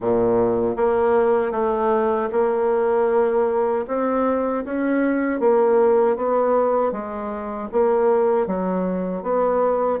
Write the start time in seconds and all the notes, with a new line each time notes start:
0.00 A#2
0.76 A#3
1.51 A3
2.31 A#3
3.87 C4
4.64 C#4
5.40 A#3
6.16 B3
6.92 G#3
7.72 A#3
8.47 F#3
9.22 B3